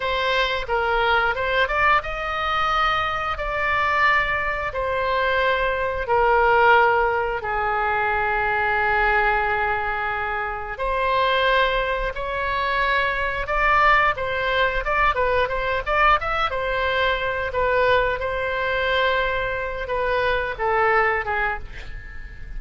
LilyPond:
\new Staff \with { instrumentName = "oboe" } { \time 4/4 \tempo 4 = 89 c''4 ais'4 c''8 d''8 dis''4~ | dis''4 d''2 c''4~ | c''4 ais'2 gis'4~ | gis'1 |
c''2 cis''2 | d''4 c''4 d''8 b'8 c''8 d''8 | e''8 c''4. b'4 c''4~ | c''4. b'4 a'4 gis'8 | }